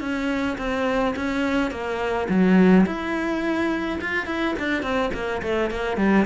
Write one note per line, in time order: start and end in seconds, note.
0.00 0.57 C#4
0.58 1.14 C4
1.16 1.71 C#4
1.71 2.27 A#3
2.29 2.85 F#3
2.86 3.99 E4
4.01 4.26 F4
4.26 4.54 E4
4.59 4.82 D4
4.82 5.10 C4
5.14 5.42 A#3
5.42 5.70 A3
5.70 5.97 A#3
5.97 6.25 G3